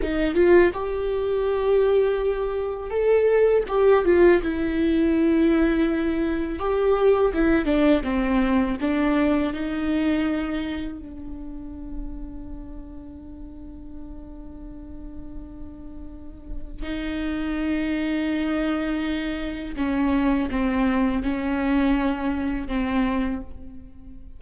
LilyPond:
\new Staff \with { instrumentName = "viola" } { \time 4/4 \tempo 4 = 82 dis'8 f'8 g'2. | a'4 g'8 f'8 e'2~ | e'4 g'4 e'8 d'8 c'4 | d'4 dis'2 d'4~ |
d'1~ | d'2. dis'4~ | dis'2. cis'4 | c'4 cis'2 c'4 | }